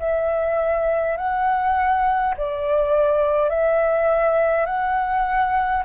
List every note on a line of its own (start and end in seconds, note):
0.00 1.18 E5
1.18 2.35 F#5
2.37 3.50 D5
3.50 4.66 E5
4.66 5.84 F#5